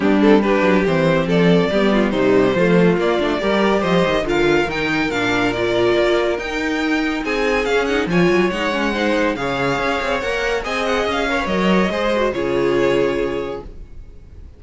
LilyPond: <<
  \new Staff \with { instrumentName = "violin" } { \time 4/4 \tempo 4 = 141 g'8 a'8 b'4 c''4 d''4~ | d''4 c''2 d''4~ | d''4 dis''4 f''4 g''4 | f''4 d''2 g''4~ |
g''4 gis''4 f''8 fis''8 gis''4 | fis''2 f''2 | fis''4 gis''8 fis''8 f''4 dis''4~ | dis''4 cis''2. | }
  \new Staff \with { instrumentName = "violin" } { \time 4/4 d'4 g'2 a'4 | g'8 f'8 dis'4 f'2 | ais'4 c''4 ais'2~ | ais'1~ |
ais'4 gis'2 cis''4~ | cis''4 c''4 cis''2~ | cis''4 dis''4. cis''4. | c''4 gis'2. | }
  \new Staff \with { instrumentName = "viola" } { \time 4/4 b8 c'8 d'4 c'2 | b4 g4 a4 ais8 d'8 | g'2 f'4 dis'4 | d'4 f'2 dis'4~ |
dis'2 cis'8 dis'8 f'4 | dis'8 cis'8 dis'4 gis'2 | ais'4 gis'4. ais'16 b'16 ais'4 | gis'8 fis'8 f'2. | }
  \new Staff \with { instrumentName = "cello" } { \time 4/4 g4. fis8 e4 f4 | g4 c4 f4 ais8 a8 | g4 f8 dis8 d4 dis4 | ais,2 ais4 dis'4~ |
dis'4 c'4 cis'4 f8 fis8 | gis2 cis4 cis'8 c'8 | ais4 c'4 cis'4 fis4 | gis4 cis2. | }
>>